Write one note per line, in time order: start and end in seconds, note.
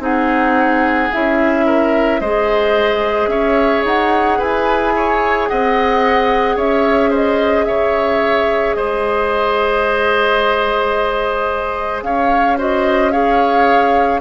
0.00 1.09 C4
0.00 1.09 D#4
0.00 1.66 G#4
0.00 1.13 F#5
1.13 2.21 C#4
1.13 2.22 E4
1.13 2.21 E5
1.66 2.20 A#4
2.21 3.27 G#3
2.21 12.59 G#4
2.21 3.30 C5
2.21 3.29 D#5
3.27 3.82 C#4
3.27 4.39 C#5
3.27 3.84 E5
3.85 4.40 D#4
3.85 4.41 F#5
4.39 5.50 E4
4.39 4.93 B4
4.39 5.49 G#5
4.97 5.50 C#5
5.49 6.57 C4
5.49 6.56 D#5
5.49 6.58 F#5
6.56 7.66 C#4
6.56 7.10 C#5
6.56 7.13 E5
7.10 7.65 C5
7.10 7.65 D#5
7.65 8.75 C#3
7.65 8.77 C#5
7.65 8.75 E5
8.75 12.03 G#3
8.75 12.04 C5
8.75 12.02 D#5
12.03 14.21 C#4
12.03 12.58 C#5
12.03 12.58 F5
12.58 13.12 F#4
12.58 13.12 C5
12.58 13.12 D#5
13.12 14.21 G#4
13.12 14.21 C#5
13.12 14.21 F5